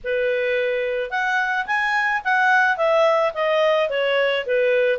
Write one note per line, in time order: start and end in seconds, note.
0.04 1.10 B4
1.10 1.66 F#5
1.66 2.21 G#5
2.24 2.77 F#5
2.77 3.32 E5
3.34 3.89 D#5
3.89 4.45 C#5
4.46 4.98 B4